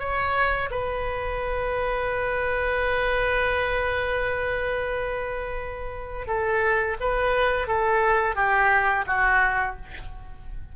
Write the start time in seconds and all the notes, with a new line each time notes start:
0.00 C#5
0.71 B4
6.28 A4
7.01 B4
7.68 A4
8.36 G4
9.07 F#4